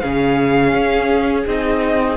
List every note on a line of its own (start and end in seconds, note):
0.00 0.74 C#3
0.00 1.47 C#4
0.00 2.16 G#4
0.00 1.45 F5
0.74 1.46 C#4
1.47 2.16 C4
1.47 2.16 D#4
1.47 2.16 D#5